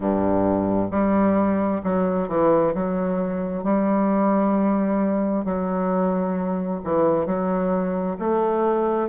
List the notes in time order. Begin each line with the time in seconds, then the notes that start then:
0.00 G2
0.90 G3
1.83 F#3
2.28 E3
2.74 F#3
3.63 G3
5.44 F#3
6.83 E3
7.26 F#3
8.19 A3